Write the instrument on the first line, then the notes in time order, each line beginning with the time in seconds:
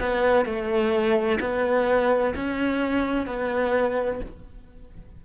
cello
0.00 B3
0.45 A3
1.40 B3
2.35 C#4
3.27 B3